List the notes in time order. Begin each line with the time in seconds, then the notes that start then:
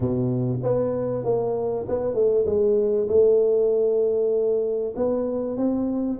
0.00 B2
0.62 B3
1.24 A#3
1.88 B3
2.14 A3
2.46 G#3
3.08 A3
4.96 B3
5.57 C4